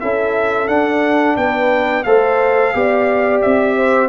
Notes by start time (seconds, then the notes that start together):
0.00 C#4 E4 A4 E5
0.68 D4 F#5
1.37 B3 B4 G5
2.03 A3 A4 C5 F5
2.74 B3 G4 D5
3.41 C4 E5
3.77 C5